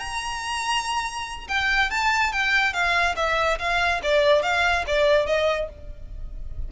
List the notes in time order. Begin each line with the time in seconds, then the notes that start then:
0.00 A#5
1.48 G5
1.91 A5
2.33 G5
2.73 F5
3.17 E5
3.59 F5
4.03 D5
4.43 F5
4.87 D5
5.27 D#5